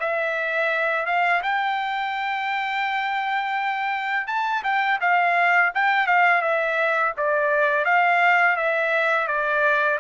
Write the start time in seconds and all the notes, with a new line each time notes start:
0.00 E5
1.06 F5
1.43 G5
4.27 A5
4.64 G5
5.01 F5
5.74 G5
6.07 F5
6.42 E5
7.17 D5
7.85 F5
8.56 E5
9.28 D5